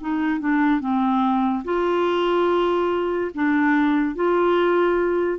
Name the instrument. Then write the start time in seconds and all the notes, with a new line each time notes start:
clarinet
0.00 D#4
0.40 D4
0.80 C4
1.64 F4
3.34 D4
4.15 F4